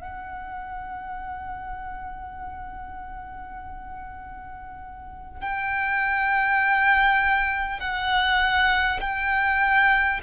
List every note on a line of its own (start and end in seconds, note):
0.00 5.40 F#5
5.41 7.80 G5
7.80 9.00 F#5
9.00 10.20 G5